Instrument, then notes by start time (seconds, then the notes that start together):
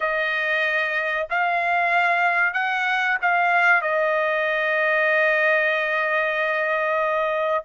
trumpet
0.00 D#5
1.30 F5
2.53 F#5
3.21 F5
3.81 D#5